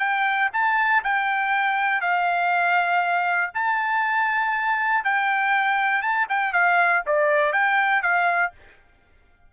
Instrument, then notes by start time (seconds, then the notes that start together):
trumpet
0.00 G5
0.53 A5
1.04 G5
2.01 F5
3.55 A5
5.05 G5
6.02 A5
6.29 G5
6.53 F5
7.07 D5
7.53 G5
8.03 F5